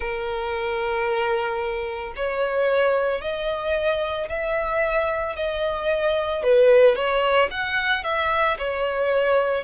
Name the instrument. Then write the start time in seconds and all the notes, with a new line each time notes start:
violin
0.00 A#4
2.15 C#5
3.21 D#5
4.29 E5
5.36 D#5
6.43 B4
6.95 C#5
7.50 F#5
8.04 E5
8.58 C#5